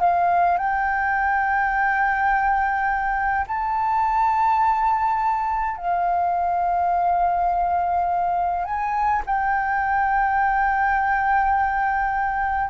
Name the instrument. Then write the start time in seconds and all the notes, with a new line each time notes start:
flute
0.00 F5
0.58 G5
3.47 A5
5.77 F5
8.65 G#5
9.26 G5